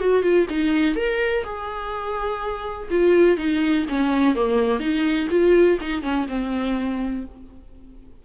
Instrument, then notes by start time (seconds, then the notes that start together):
viola
0.00 F#4
0.22 F4
0.49 D#4
0.95 A#4
1.44 G#4
2.90 F4
3.37 D#4
3.89 C#4
4.35 A#3
4.79 D#4
5.30 F4
5.81 D#4
6.02 C#4
6.28 C4